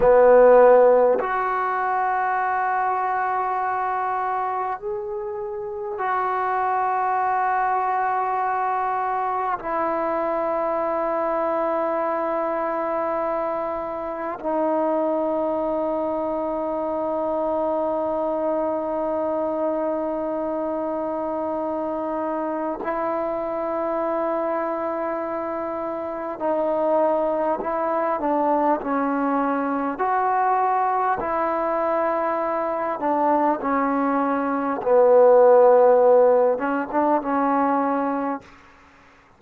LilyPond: \new Staff \with { instrumentName = "trombone" } { \time 4/4 \tempo 4 = 50 b4 fis'2. | gis'4 fis'2. | e'1 | dis'1~ |
dis'2. e'4~ | e'2 dis'4 e'8 d'8 | cis'4 fis'4 e'4. d'8 | cis'4 b4. cis'16 d'16 cis'4 | }